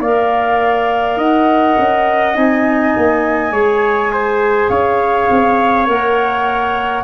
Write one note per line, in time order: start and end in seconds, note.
0.00 1.17 A#3
0.00 2.35 A#4
0.00 1.18 D5
0.00 1.19 F5
1.17 1.75 D#4
1.17 3.53 D#5
1.17 2.37 F#5
1.79 2.36 C#4
2.35 2.95 C4
2.35 3.51 D#4
2.35 4.70 G#5
2.97 3.52 A#3
3.51 4.69 G#3
3.51 5.87 G#4
3.51 4.12 C#5
4.13 4.70 C5
4.70 5.28 C#4
4.70 7.04 C#5
4.70 5.87 F5
5.30 5.88 C4
5.87 7.04 A#3
5.87 7.04 A#4
5.87 7.04 F#5